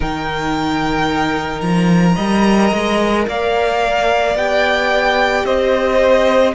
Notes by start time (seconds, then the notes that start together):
0.00 D#3 D#4 A#4 G5
1.60 F3 A#5
2.15 G3 A#4 D#5
2.72 G#3
3.27 A#3 D5 F5
4.35 B3 G4 G5
5.45 C4 C5 D#5